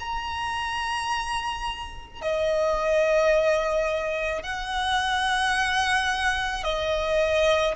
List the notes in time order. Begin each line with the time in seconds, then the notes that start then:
0.00 A#5
2.22 D#5
4.43 F#5
6.64 D#5